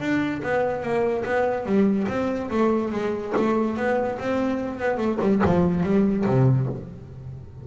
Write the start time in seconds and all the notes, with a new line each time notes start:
0.00 D4
0.42 B3
0.83 A#3
1.25 B3
1.66 G3
2.08 C4
2.50 A3
2.92 G#3
3.37 A3
3.77 B3
4.19 C4
4.79 B3
4.98 A3
5.21 G3
5.45 F3
5.83 G3
6.26 C3